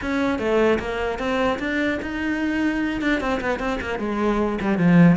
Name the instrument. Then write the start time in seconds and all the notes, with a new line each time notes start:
cello
0.01 C#4
0.39 A3
0.79 A#3
1.19 C4
1.59 D4
2.02 D#4
3.01 D4
3.20 C4
3.40 B3
3.59 C4
3.81 A#3
3.99 G#3
4.61 G3
4.77 F3